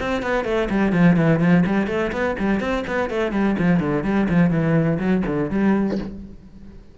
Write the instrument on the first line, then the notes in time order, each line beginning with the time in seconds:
cello
0.00 C4
0.22 B3
0.45 A3
0.70 G3
0.93 F3
1.17 E3
1.40 F3
1.67 G3
1.88 A3
2.13 B3
2.39 G3
2.61 C4
2.88 B3
3.10 A3
3.32 G3
3.59 F3
3.81 D3
4.05 G3
4.30 F3
4.51 E3
4.99 F#3
5.27 D3
5.50 G3